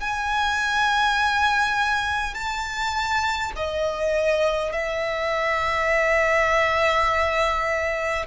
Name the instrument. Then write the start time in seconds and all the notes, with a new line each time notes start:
violin
0.00 G#5
2.34 A5
3.56 D#5
4.72 E5